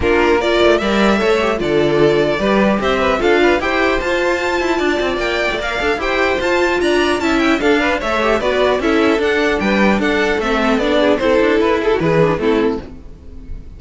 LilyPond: <<
  \new Staff \with { instrumentName = "violin" } { \time 4/4 \tempo 4 = 150 ais'4 d''4 e''2 | d''2. e''4 | f''4 g''4 a''2~ | a''4 g''4 f''4 g''4 |
a''4 ais''4 a''8 g''8 f''4 | e''4 d''4 e''4 fis''4 | g''4 fis''4 e''4 d''4 | c''4 b'8 a'8 b'4 a'4 | }
  \new Staff \with { instrumentName = "violin" } { \time 4/4 f'4 ais'4 d''4 cis''4 | a'2 b'4 c''8 b'8 | a'8 b'8 c''2. | d''2. c''4~ |
c''4 d''4 e''4 a'8 b'8 | cis''4 b'4 a'2 | b'4 a'2~ a'8 gis'8 | a'4. gis'16 fis'16 gis'4 e'4 | }
  \new Staff \with { instrumentName = "viola" } { \time 4/4 d'4 f'4 ais'4 a'8 g'8 | f'2 g'2 | f'4 g'4 f'2~ | f'2 ais'8 a'8 g'4 |
f'2 e'4 d'4 | a'8 g'8 fis'4 e'4 d'4~ | d'2 c'4 d'4 | e'2~ e'8 d'8 c'4 | }
  \new Staff \with { instrumentName = "cello" } { \time 4/4 ais4. a8 g4 a4 | d2 g4 c'4 | d'4 e'4 f'4. e'8 | d'8 c'8 ais8. a16 ais8 d'8 e'4 |
f'4 d'4 cis'4 d'4 | a4 b4 cis'4 d'4 | g4 d'4 a4 b4 | c'8 d'8 e'4 e4 a4 | }
>>